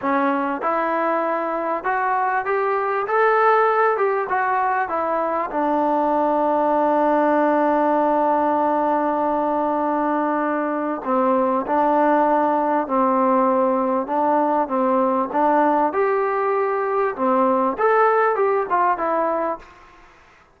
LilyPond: \new Staff \with { instrumentName = "trombone" } { \time 4/4 \tempo 4 = 98 cis'4 e'2 fis'4 | g'4 a'4. g'8 fis'4 | e'4 d'2.~ | d'1~ |
d'2 c'4 d'4~ | d'4 c'2 d'4 | c'4 d'4 g'2 | c'4 a'4 g'8 f'8 e'4 | }